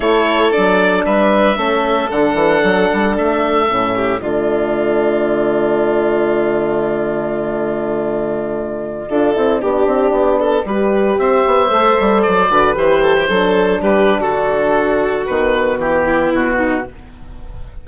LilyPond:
<<
  \new Staff \with { instrumentName = "oboe" } { \time 4/4 \tempo 4 = 114 cis''4 d''4 e''2 | fis''2 e''2 | d''1~ | d''1~ |
d''1~ | d''4~ d''16 e''2 d''8.~ | d''16 c''2 b'8. a'4~ | a'4 b'4 g'4 fis'4 | }
  \new Staff \with { instrumentName = "violin" } { \time 4/4 a'2 b'4 a'4~ | a'2.~ a'8 g'8 | f'1~ | f'1~ |
f'4~ f'16 a'4 g'4. a'16~ | a'16 b'4 c''2~ c''8 b'16~ | b'8. a'16 g'16 a'4 g'8. fis'4~ | fis'2~ fis'8 e'4 dis'8 | }
  \new Staff \with { instrumentName = "horn" } { \time 4/4 e'4 d'2 cis'4 | d'2. cis'4 | a1~ | a1~ |
a4~ a16 f'8 e'8 d'4.~ d'16~ | d'16 g'2 a'4. fis'16~ | fis'16 g'4 d'2~ d'8.~ | d'4 b2. | }
  \new Staff \with { instrumentName = "bassoon" } { \time 4/4 a4 fis4 g4 a4 | d8 e8 fis8 g8 a4 a,4 | d1~ | d1~ |
d4~ d16 d'8 c'8 b8 c'8 b8.~ | b16 g4 c'8 b8 a8 g8 fis8 d16~ | d16 e4 fis4 g8. d4~ | d4 dis4 e4 b,4 | }
>>